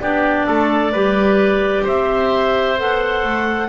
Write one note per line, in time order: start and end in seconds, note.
0.00 0.47 B3
0.00 0.93 D4
0.00 0.46 G4
0.00 1.85 D5
0.46 0.93 A3
0.46 0.92 A4
0.92 1.85 G3
0.92 2.77 G4
0.92 1.83 B4
1.83 2.79 C4
1.83 3.67 C5
1.83 2.79 E5
2.77 3.24 B3
2.77 3.68 A4
2.77 3.68 F#5
3.24 3.68 A3